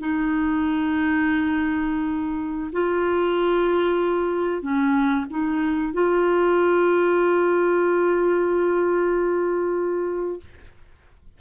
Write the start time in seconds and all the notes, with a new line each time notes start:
0.00 D#4
2.73 F4
4.62 C#4
5.30 D#4
5.93 F4